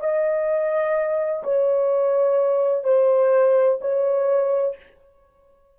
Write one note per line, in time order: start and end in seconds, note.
0.00 1.43 D#5
1.43 2.84 C#5
2.84 3.79 C5
3.81 4.76 C#5